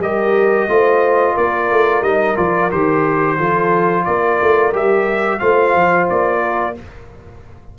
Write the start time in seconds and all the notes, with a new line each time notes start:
0.00 G3 G4 A#4 D#5
0.68 A3 F4 C5
1.34 A#3 A#4 D5
1.71 A3
2.02 G3 D#4 D#5
2.37 F3 F4 D5
2.71 D#3 G4 C5
3.37 F3 F4 A4
4.05 A#3 A#4 D5
4.42 A3
4.73 G3 G4 E5
5.40 A3 F4 C5 F5
5.75 F3
6.10 A#3 D5
6.41 A#4